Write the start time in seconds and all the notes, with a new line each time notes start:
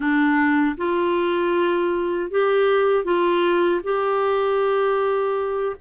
0.00 D4
0.77 F4
2.30 G4
3.04 F4
3.83 G4